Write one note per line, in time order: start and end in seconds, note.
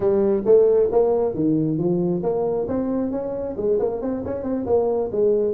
0.00 0.43 G3
0.45 0.89 A3
0.91 1.34 A#3
1.34 1.78 D#3
1.78 2.22 F3
2.22 2.67 A#3
2.67 3.11 C4
3.11 3.55 C#4
3.56 3.78 G#3
3.79 4.01 A#3
4.01 4.23 C4
4.25 4.43 C#4
4.43 4.65 C4
4.65 5.10 A#3
5.12 5.54 G#3